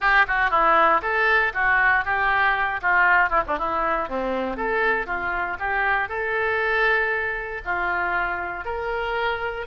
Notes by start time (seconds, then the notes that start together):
0.00 G4
0.27 F#4
0.50 E4
1.01 A4
1.53 F#4
2.04 G4
2.81 F4
3.29 E4
3.46 D4
3.58 E4
4.08 C4
4.56 A4
5.06 F4
5.59 G4
6.09 A4
7.64 F4
8.64 A#4